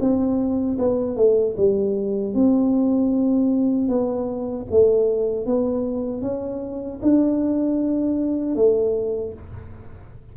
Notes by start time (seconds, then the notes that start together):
0.00 C4
0.79 B3
1.17 A3
1.57 G3
2.34 C4
3.89 B3
4.71 A3
5.46 B3
6.22 C#4
7.02 D4
8.55 A3